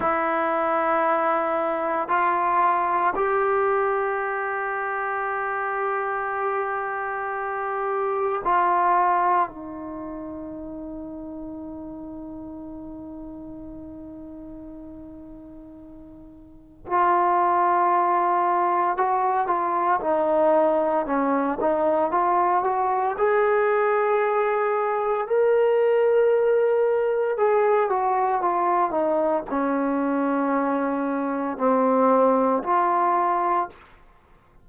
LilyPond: \new Staff \with { instrumentName = "trombone" } { \time 4/4 \tempo 4 = 57 e'2 f'4 g'4~ | g'1 | f'4 dis'2.~ | dis'1 |
f'2 fis'8 f'8 dis'4 | cis'8 dis'8 f'8 fis'8 gis'2 | ais'2 gis'8 fis'8 f'8 dis'8 | cis'2 c'4 f'4 | }